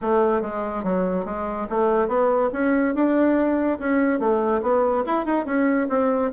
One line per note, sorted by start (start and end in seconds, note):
0.01 0.41 A3
0.41 0.83 G#3
0.83 1.25 F#3
1.25 1.67 G#3
1.69 2.08 A3
2.08 2.50 B3
2.53 2.94 C#4
2.95 3.79 D4
3.79 4.19 C#4
4.19 4.61 A3
4.62 5.03 B3
5.05 5.25 E4
5.25 5.45 D#4
5.45 5.87 C#4
5.89 6.31 C4